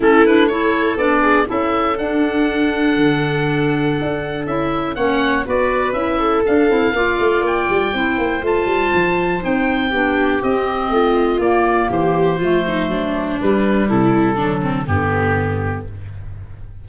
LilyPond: <<
  \new Staff \with { instrumentName = "oboe" } { \time 4/4 \tempo 4 = 121 a'8 b'8 cis''4 d''4 e''4 | fis''1~ | fis''4 e''4 fis''4 d''4 | e''4 f''2 g''4~ |
g''4 a''2 g''4~ | g''4 dis''2 d''4 | c''2. b'4 | a'2 g'2 | }
  \new Staff \with { instrumentName = "viola" } { \time 4/4 e'4 a'4. gis'8 a'4~ | a'1~ | a'2 cis''4 b'4~ | b'8 a'4. d''2 |
c''1 | g'2 f'2 | g'4 f'8 dis'8 d'2 | e'4 d'8 c'8 b2 | }
  \new Staff \with { instrumentName = "clarinet" } { \time 4/4 cis'8 d'8 e'4 d'4 e'4 | d'1~ | d'4 e'4 cis'4 fis'4 | e'4 d'8 e'8 f'2 |
e'4 f'2 dis'4 | d'4 c'2 ais4~ | ais4 a2 g4~ | g4 fis4 d2 | }
  \new Staff \with { instrumentName = "tuba" } { \time 4/4 a2 b4 cis'4 | d'2 d2 | d'4 cis'4 ais4 b4 | cis'4 d'8 c'8 ais8 a8 ais8 g8 |
c'8 ais8 a8 g8 f4 c'4 | b4 c'4 a4 ais4 | e4 f4 fis4 g4 | c4 d4 g,2 | }
>>